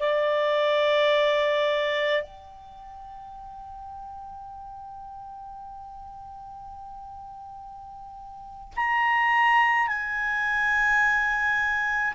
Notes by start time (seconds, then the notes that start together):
0.00 D5
2.23 G5
8.76 A#5
9.87 G#5